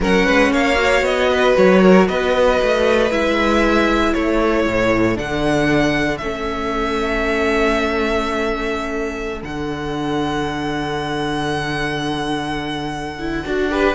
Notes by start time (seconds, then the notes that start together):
0.00 F#3 C#4 A#4 F#5
0.26 G#3 B4
0.52 A#3 C#5 F5
0.76 F#4
1.01 B3 D#5
1.30 B4
1.56 F#3 C#5
1.81 A#4
2.08 B3 B4 D#5
2.62 A3
3.10 G#3 E4 E5
4.13 A3 A4 C#5
4.66 A2
5.15 D3 D4 F#5
6.17 A3 C#4 E5
9.43 D3 D4 F#5
13.18 E4
13.44 D4 F#4
13.70 G4 B4